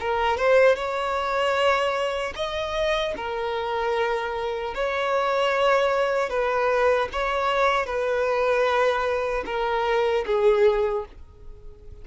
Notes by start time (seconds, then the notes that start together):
0.00 A#4
0.37 C5
0.76 C#5
2.36 D#5
3.17 A#4
4.75 C#5
6.30 B4
7.13 C#5
7.86 B4
9.46 A#4
10.26 G#4